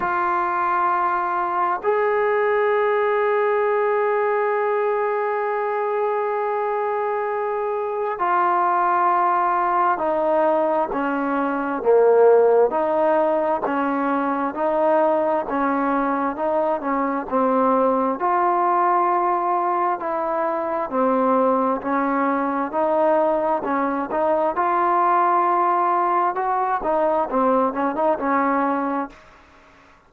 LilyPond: \new Staff \with { instrumentName = "trombone" } { \time 4/4 \tempo 4 = 66 f'2 gis'2~ | gis'1~ | gis'4 f'2 dis'4 | cis'4 ais4 dis'4 cis'4 |
dis'4 cis'4 dis'8 cis'8 c'4 | f'2 e'4 c'4 | cis'4 dis'4 cis'8 dis'8 f'4~ | f'4 fis'8 dis'8 c'8 cis'16 dis'16 cis'4 | }